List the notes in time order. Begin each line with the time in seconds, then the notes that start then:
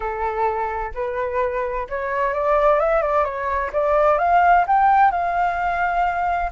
0.00 A4
0.94 B4
1.89 C#5
2.33 D5
2.79 E5
3.02 D5
3.24 C#5
3.72 D5
4.18 F5
4.67 G5
5.11 F5